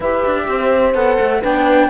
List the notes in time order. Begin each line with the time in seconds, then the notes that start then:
0.00 E4 G4 B4 E5
0.25 D4
0.48 C4 C5
0.94 B3 A4 F#5
1.19 A3
1.40 B3 D4 B4 G5